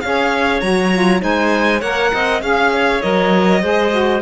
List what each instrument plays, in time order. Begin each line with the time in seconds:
0.00 cello C#4, saxophone G#4, clarinet C#5, violin F5
0.60 cello F#3, saxophone F#4, violin A#5
0.92 saxophone F4
1.20 cello G#3, saxophone D#4, clarinet C5, violin G#5
1.80 cello A#3, saxophone A#4, clarinet C#5, violin F#5
2.13 cello C4, clarinet D#5
2.41 cello C#4, saxophone G#4, violin F5, clarinet F5
2.73 clarinet C#5
3.01 cello F#3, saxophone A#4, violin D#5
3.61 cello G#3, saxophone G#4, clarinet C5
3.91 saxophone F#4